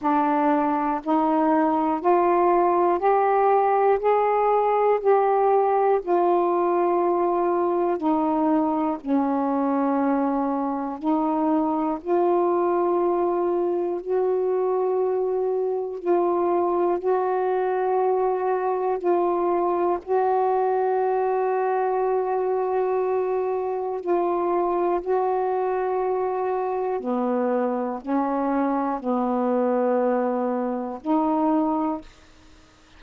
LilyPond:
\new Staff \with { instrumentName = "saxophone" } { \time 4/4 \tempo 4 = 60 d'4 dis'4 f'4 g'4 | gis'4 g'4 f'2 | dis'4 cis'2 dis'4 | f'2 fis'2 |
f'4 fis'2 f'4 | fis'1 | f'4 fis'2 b4 | cis'4 b2 dis'4 | }